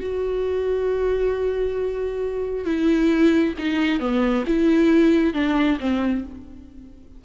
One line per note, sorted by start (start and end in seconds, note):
0.00 2.65 F#4
2.65 3.54 E4
3.58 3.99 D#4
3.99 4.44 B3
4.47 5.34 E4
5.34 5.78 D4
5.80 6.24 C4